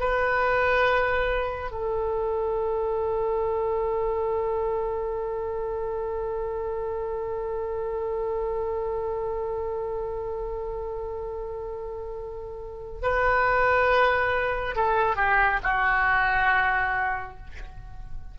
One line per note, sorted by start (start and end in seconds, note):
0.00 1.71 B4
1.71 13.02 A4
13.02 14.76 B4
14.76 15.16 A4
15.16 15.60 G4
15.63 17.37 F#4